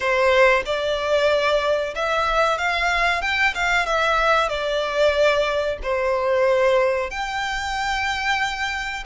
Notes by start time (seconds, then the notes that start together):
0.00 C5
0.65 D5
1.95 E5
2.58 F5
3.21 G5
3.54 F5
3.86 E5
4.48 D5
5.82 C5
7.10 G5